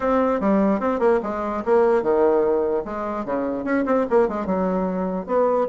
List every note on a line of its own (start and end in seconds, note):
0.00 0.40 C4
0.40 0.80 G3
0.80 0.99 C4
0.99 1.20 A#3
1.23 1.63 G#3
1.65 2.02 A#3
2.02 2.83 D#3
2.84 3.25 G#3
3.25 3.64 C#3
3.64 3.84 C#4
3.85 4.05 C4
4.10 4.28 A#3
4.28 4.45 G#3
4.45 5.26 F#3
5.26 5.67 B3